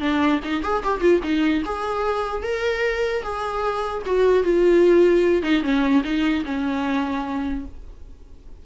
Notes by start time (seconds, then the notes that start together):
0.00 D4
0.44 D#4
0.63 G#4
0.83 G4
1.00 F4
1.23 D#4
1.65 G#4
2.42 A#4
3.23 G#4
4.05 F#4
4.43 F4
5.43 D#4
5.63 C#4
6.04 D#4
6.45 C#4